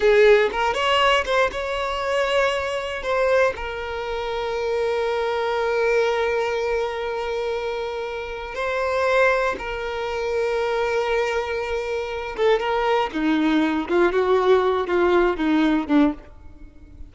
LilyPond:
\new Staff \with { instrumentName = "violin" } { \time 4/4 \tempo 4 = 119 gis'4 ais'8 cis''4 c''8 cis''4~ | cis''2 c''4 ais'4~ | ais'1~ | ais'1~ |
ais'4 c''2 ais'4~ | ais'1~ | ais'8 a'8 ais'4 dis'4. f'8 | fis'4. f'4 dis'4 d'8 | }